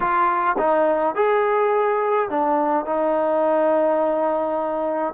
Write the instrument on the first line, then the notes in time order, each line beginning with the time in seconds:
trombone
0.00 F4
0.58 D#4
1.15 G#4
2.29 D4
2.85 D#4